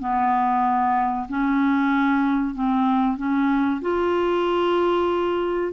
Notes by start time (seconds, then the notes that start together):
0.00 B3
1.29 C#4
2.55 C4
3.17 C#4
3.82 F4